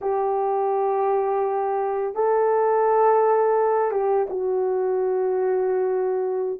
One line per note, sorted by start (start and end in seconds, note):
0.01 2.14 G4
2.14 3.91 A4
3.91 4.27 G4
4.29 6.59 F#4